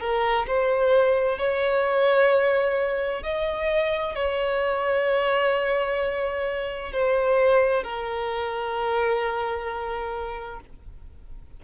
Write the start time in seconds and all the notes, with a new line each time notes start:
0.00 A#4
0.47 C5
1.38 C#5
3.23 D#5
4.15 C#5
6.92 C5
7.83 A#4